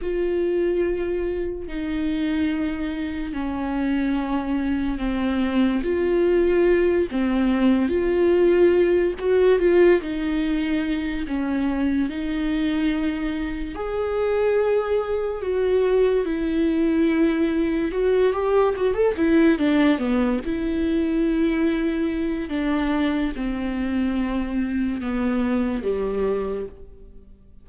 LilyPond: \new Staff \with { instrumentName = "viola" } { \time 4/4 \tempo 4 = 72 f'2 dis'2 | cis'2 c'4 f'4~ | f'8 c'4 f'4. fis'8 f'8 | dis'4. cis'4 dis'4.~ |
dis'8 gis'2 fis'4 e'8~ | e'4. fis'8 g'8 fis'16 a'16 e'8 d'8 | b8 e'2~ e'8 d'4 | c'2 b4 g4 | }